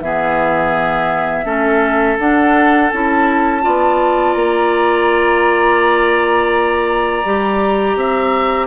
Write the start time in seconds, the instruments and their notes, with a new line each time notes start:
0.00 bassoon E3, clarinet B3, oboe G#4, flute E5
1.44 bassoon A3, clarinet C#4, oboe A4
2.18 clarinet D4, bassoon D4, flute F#5
2.90 bassoon C#4, clarinet E4, flute A5
3.62 bassoon B3, clarinet F4, oboe D5
4.33 bassoon A#3, flute A#5
7.25 bassoon G3, clarinet G4
7.95 bassoon C4, oboe E5